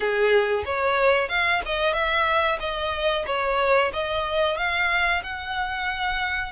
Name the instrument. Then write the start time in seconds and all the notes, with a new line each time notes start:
violin
0.00 G#4
0.65 C#5
1.29 F5
1.65 D#5
1.93 E5
2.60 D#5
3.26 C#5
3.93 D#5
4.57 F5
5.23 F#5